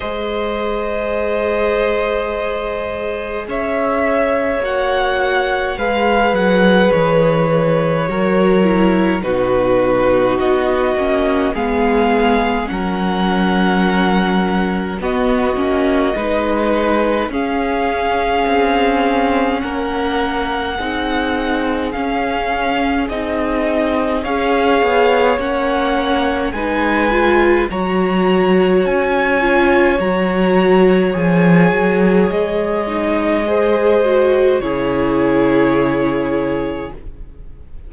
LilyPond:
<<
  \new Staff \with { instrumentName = "violin" } { \time 4/4 \tempo 4 = 52 dis''2. e''4 | fis''4 f''8 fis''8 cis''2 | b'4 dis''4 f''4 fis''4~ | fis''4 dis''2 f''4~ |
f''4 fis''2 f''4 | dis''4 f''4 fis''4 gis''4 | ais''4 gis''4 ais''4 gis''4 | dis''2 cis''2 | }
  \new Staff \with { instrumentName = "violin" } { \time 4/4 c''2. cis''4~ | cis''4 b'2 ais'4 | fis'2 gis'4 ais'4~ | ais'4 fis'4 b'4 gis'4~ |
gis'4 ais'4 gis'2~ | gis'4 cis''2 b'4 | cis''1~ | cis''4 c''4 gis'2 | }
  \new Staff \with { instrumentName = "viola" } { \time 4/4 gis'1 | fis'4 gis'2 fis'8 e'8 | dis'4. cis'8 b4 cis'4~ | cis'4 b8 cis'8 dis'4 cis'4~ |
cis'2 dis'4 cis'4 | dis'4 gis'4 cis'4 dis'8 f'8 | fis'4. f'8 fis'4 gis'4~ | gis'8 dis'8 gis'8 fis'8 e'2 | }
  \new Staff \with { instrumentName = "cello" } { \time 4/4 gis2. cis'4 | ais4 gis8 fis8 e4 fis4 | b,4 b8 ais8 gis4 fis4~ | fis4 b8 ais8 gis4 cis'4 |
c'4 ais4 c'4 cis'4 | c'4 cis'8 b8 ais4 gis4 | fis4 cis'4 fis4 f8 fis8 | gis2 cis2 | }
>>